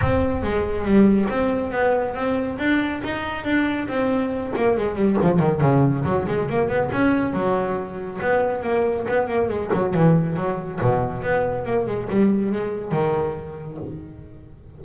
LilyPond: \new Staff \with { instrumentName = "double bass" } { \time 4/4 \tempo 4 = 139 c'4 gis4 g4 c'4 | b4 c'4 d'4 dis'4 | d'4 c'4. ais8 gis8 g8 | f8 dis8 cis4 fis8 gis8 ais8 b8 |
cis'4 fis2 b4 | ais4 b8 ais8 gis8 fis8 e4 | fis4 b,4 b4 ais8 gis8 | g4 gis4 dis2 | }